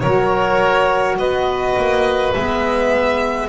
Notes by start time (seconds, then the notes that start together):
0.00 F#3 F#4 A#4 C#5
1.18 B3 B4 D#5
1.77 A#3
2.34 G#3 B3 E5